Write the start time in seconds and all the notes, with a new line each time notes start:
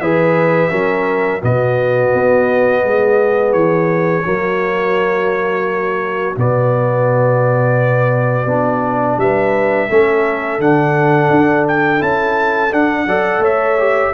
0.00 E3 G#4 B4 E5
0.70 F#3 C#4 A#4
1.40 B2 B3 F#4 D#5
2.13 B3
2.84 G#3 G#4
3.53 E3 C#5
4.24 F#3 A#3 F#4
6.36 B2 B3 D5
8.45 B3 D4
9.17 G3 B4 E5
9.89 A3 C#4 A4
10.59 D3 D4 F#5
11.30 D4
11.67 G5
11.99 C#4 E4 A5
12.72 D4 F#5
13.06 F#3 A4 D5
13.39 A3 C#5 E5
13.78 G4